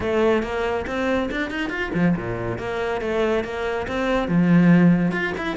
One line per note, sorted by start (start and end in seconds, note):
0.00 0.42 A3
0.42 0.85 A#3
0.86 1.29 C4
1.31 1.50 D4
1.50 1.69 D#4
1.69 1.91 F4
1.93 2.15 F3
2.16 2.58 A#2
2.58 3.01 A#3
3.01 3.44 A3
3.44 3.86 A#3
3.87 4.27 C4
4.27 5.11 F3
5.11 5.33 F4
5.37 5.56 E4